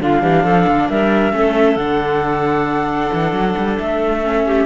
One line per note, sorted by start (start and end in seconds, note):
0.00 0.22 D3
0.00 1.32 D4
0.00 0.21 F4
0.00 0.89 F5
0.21 0.43 E3
0.21 0.43 G4
0.43 0.66 F3
0.43 0.88 A4
0.67 0.89 D3
0.89 1.32 G3
0.89 1.34 A#4
0.89 1.76 E5
1.32 1.76 A3
1.32 1.76 C#4
1.32 4.46 A4
1.76 3.09 D3
1.76 4.23 D4
1.76 3.76 F#5
3.13 3.32 E3
3.32 3.54 F#3
3.57 3.79 G3
3.78 4.65 A3
3.78 4.65 E5
4.23 4.65 C#4
4.46 4.65 G4